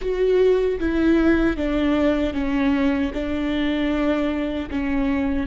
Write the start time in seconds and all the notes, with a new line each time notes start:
0.01 F#4
0.79 E4
1.57 D4
2.33 C#4
3.13 D4
4.70 C#4